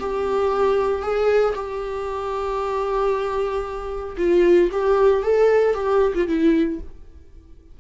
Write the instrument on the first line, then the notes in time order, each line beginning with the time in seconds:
viola
0.00 G4
1.02 G#4
1.56 G4
4.18 F4
4.72 G4
5.23 A4
5.75 G4
6.15 F4
6.28 E4